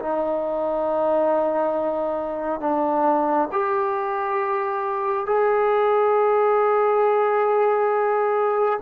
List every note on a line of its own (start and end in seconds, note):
0.00 2.61 D#4
2.61 3.49 D4
3.52 5.27 G4
5.27 8.80 G#4